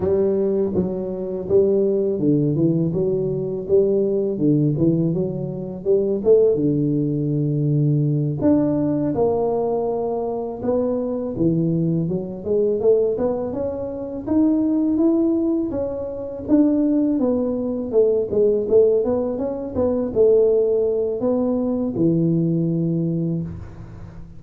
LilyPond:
\new Staff \with { instrumentName = "tuba" } { \time 4/4 \tempo 4 = 82 g4 fis4 g4 d8 e8 | fis4 g4 d8 e8 fis4 | g8 a8 d2~ d8 d'8~ | d'8 ais2 b4 e8~ |
e8 fis8 gis8 a8 b8 cis'4 dis'8~ | dis'8 e'4 cis'4 d'4 b8~ | b8 a8 gis8 a8 b8 cis'8 b8 a8~ | a4 b4 e2 | }